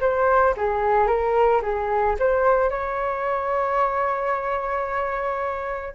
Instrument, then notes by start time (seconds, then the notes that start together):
flute
0.00 C5
0.57 G#4
1.07 A#4
1.62 G#4
2.19 C5
2.70 C#5